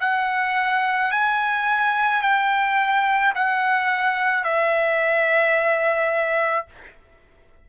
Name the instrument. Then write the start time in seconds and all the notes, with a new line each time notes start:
trumpet
0.00 F#5
1.11 G#5
2.22 G5
3.34 F#5
4.44 E5